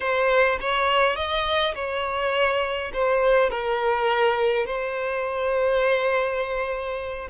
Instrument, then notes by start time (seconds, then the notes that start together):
violin
0.00 C5
0.60 C#5
1.16 D#5
1.74 C#5
2.93 C5
3.50 A#4
4.66 C5